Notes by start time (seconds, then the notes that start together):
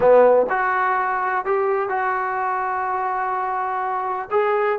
0.00 B3
0.49 F#4
1.45 G4
1.89 F#4
4.31 G#4